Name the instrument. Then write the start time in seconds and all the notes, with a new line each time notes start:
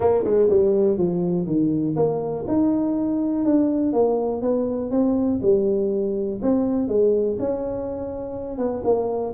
tuba
0.00 A#3
0.24 G#3
0.49 G3
0.97 F3
1.46 D#3
1.96 A#3
2.47 D#4
3.45 D4
3.92 A#3
4.41 B3
4.90 C4
5.41 G3
6.42 C4
6.88 G#3
7.39 C#4
8.58 B3
8.84 A#3